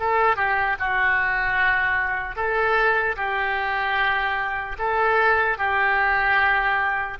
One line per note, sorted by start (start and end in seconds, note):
0.00 0.36 A4
0.36 0.76 G4
0.80 2.36 F#4
2.36 3.16 A4
3.17 4.77 G4
4.79 5.58 A4
5.58 7.18 G4